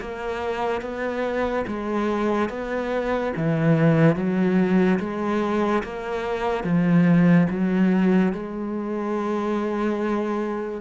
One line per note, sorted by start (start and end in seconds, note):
0.00 0.81 A#3
0.81 1.65 B3
1.67 2.50 G#3
2.50 3.33 B3
3.36 4.16 E3
4.16 4.99 F#3
5.00 5.83 G#3
5.83 6.64 A#3
6.64 7.47 F3
7.50 8.33 F#3
8.33 10.81 G#3